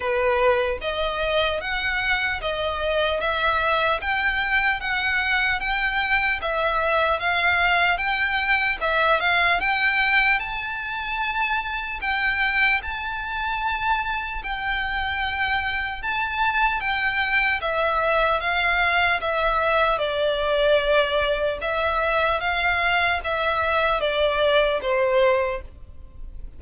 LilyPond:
\new Staff \with { instrumentName = "violin" } { \time 4/4 \tempo 4 = 75 b'4 dis''4 fis''4 dis''4 | e''4 g''4 fis''4 g''4 | e''4 f''4 g''4 e''8 f''8 | g''4 a''2 g''4 |
a''2 g''2 | a''4 g''4 e''4 f''4 | e''4 d''2 e''4 | f''4 e''4 d''4 c''4 | }